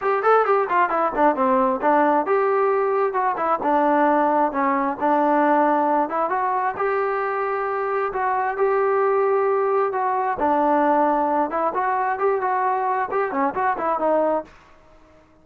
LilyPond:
\new Staff \with { instrumentName = "trombone" } { \time 4/4 \tempo 4 = 133 g'8 a'8 g'8 f'8 e'8 d'8 c'4 | d'4 g'2 fis'8 e'8 | d'2 cis'4 d'4~ | d'4. e'8 fis'4 g'4~ |
g'2 fis'4 g'4~ | g'2 fis'4 d'4~ | d'4. e'8 fis'4 g'8 fis'8~ | fis'4 g'8 cis'8 fis'8 e'8 dis'4 | }